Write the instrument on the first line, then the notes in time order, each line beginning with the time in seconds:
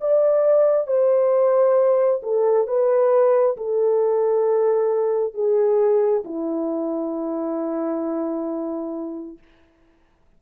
horn
0.00 D5
0.86 C5
2.22 A4
2.67 B4
3.57 A4
5.33 G#4
6.24 E4